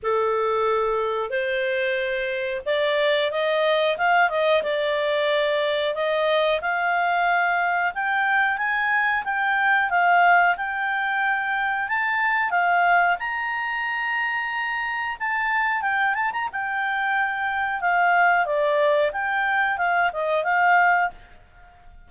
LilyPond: \new Staff \with { instrumentName = "clarinet" } { \time 4/4 \tempo 4 = 91 a'2 c''2 | d''4 dis''4 f''8 dis''8 d''4~ | d''4 dis''4 f''2 | g''4 gis''4 g''4 f''4 |
g''2 a''4 f''4 | ais''2. a''4 | g''8 a''16 ais''16 g''2 f''4 | d''4 g''4 f''8 dis''8 f''4 | }